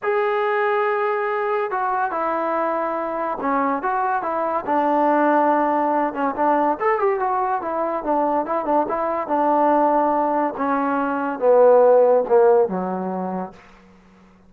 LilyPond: \new Staff \with { instrumentName = "trombone" } { \time 4/4 \tempo 4 = 142 gis'1 | fis'4 e'2. | cis'4 fis'4 e'4 d'4~ | d'2~ d'8 cis'8 d'4 |
a'8 g'8 fis'4 e'4 d'4 | e'8 d'8 e'4 d'2~ | d'4 cis'2 b4~ | b4 ais4 fis2 | }